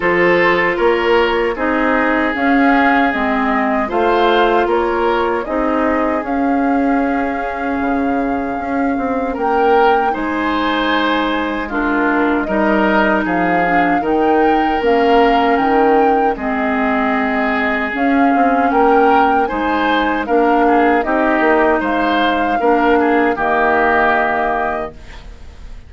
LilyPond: <<
  \new Staff \with { instrumentName = "flute" } { \time 4/4 \tempo 4 = 77 c''4 cis''4 dis''4 f''4 | dis''4 f''4 cis''4 dis''4 | f''1 | g''4 gis''2 ais'4 |
dis''4 f''4 g''4 f''4 | g''4 dis''2 f''4 | g''4 gis''4 f''4 dis''4 | f''2 dis''2 | }
  \new Staff \with { instrumentName = "oboe" } { \time 4/4 a'4 ais'4 gis'2~ | gis'4 c''4 ais'4 gis'4~ | gis'1 | ais'4 c''2 f'4 |
ais'4 gis'4 ais'2~ | ais'4 gis'2. | ais'4 c''4 ais'8 gis'8 g'4 | c''4 ais'8 gis'8 g'2 | }
  \new Staff \with { instrumentName = "clarinet" } { \time 4/4 f'2 dis'4 cis'4 | c'4 f'2 dis'4 | cis'1~ | cis'4 dis'2 d'4 |
dis'4. d'8 dis'4 cis'4~ | cis'4 c'2 cis'4~ | cis'4 dis'4 d'4 dis'4~ | dis'4 d'4 ais2 | }
  \new Staff \with { instrumentName = "bassoon" } { \time 4/4 f4 ais4 c'4 cis'4 | gis4 a4 ais4 c'4 | cis'2 cis4 cis'8 c'8 | ais4 gis2. |
g4 f4 dis4 ais4 | dis4 gis2 cis'8 c'8 | ais4 gis4 ais4 c'8 ais8 | gis4 ais4 dis2 | }
>>